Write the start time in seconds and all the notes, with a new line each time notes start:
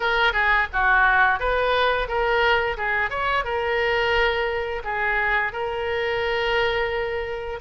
0.00 A#4
0.32 G#4
0.72 F#4
1.39 B4
2.08 A#4
2.77 G#4
3.09 C#5
3.44 A#4
4.84 G#4
5.52 A#4